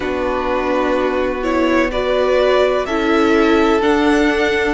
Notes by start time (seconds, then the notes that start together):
0.00 B3 D4 F#4 B4
1.42 E4 C#5
1.91 F#4 B4 D5
2.85 C#4 E4 A4 E5
3.81 D4 F#5